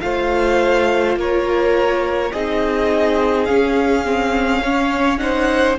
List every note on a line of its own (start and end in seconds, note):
0.00 1.16 A3
0.00 2.31 F4
0.00 1.18 C5
0.00 1.15 F5
1.16 2.31 A#3
1.16 2.32 A#4
1.16 2.32 C#5
2.32 3.49 C4
2.32 3.48 D#4
2.32 4.62 G#4
2.32 3.45 D#5
3.45 4.05 C#4
3.45 5.79 C#4
3.45 5.18 F5
4.05 4.63 C4
4.62 5.18 C#4
4.62 5.20 C#5
5.18 5.76 D#4
5.18 5.79 C5
5.18 5.75 F#5